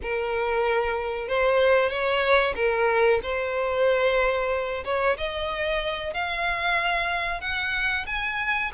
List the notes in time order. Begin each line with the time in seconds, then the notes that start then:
0.02 A#4
1.27 C5
1.89 C#5
2.55 A#4
3.22 C5
4.84 C#5
5.17 D#5
6.13 F5
7.40 F#5
8.06 G#5